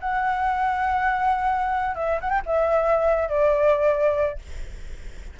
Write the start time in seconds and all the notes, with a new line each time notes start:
0.00 F#5
1.95 E5
2.21 F#5
2.29 G5
2.46 E5
3.29 D5